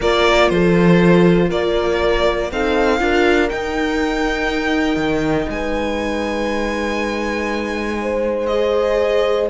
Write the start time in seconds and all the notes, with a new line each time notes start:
0.00 A#3 F4 A#4 D5
0.49 F3 A4 C5
1.49 A#3 A#4 D5
2.51 C4 D#4 A4 F5
2.99 D4 F4 A#4
3.49 D#4 G5
4.96 D#3
5.49 G#3 B4 G#5
8.01 C5
8.46 G#4 D#5